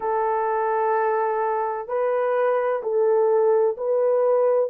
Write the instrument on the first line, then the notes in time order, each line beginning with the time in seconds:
horn
0.00 A4
1.87 B4
2.82 A4
3.77 B4